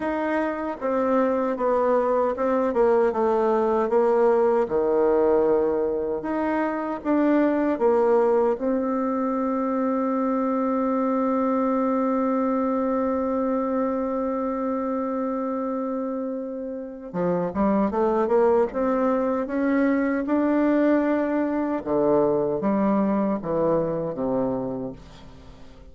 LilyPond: \new Staff \with { instrumentName = "bassoon" } { \time 4/4 \tempo 4 = 77 dis'4 c'4 b4 c'8 ais8 | a4 ais4 dis2 | dis'4 d'4 ais4 c'4~ | c'1~ |
c'1~ | c'2 f8 g8 a8 ais8 | c'4 cis'4 d'2 | d4 g4 e4 c4 | }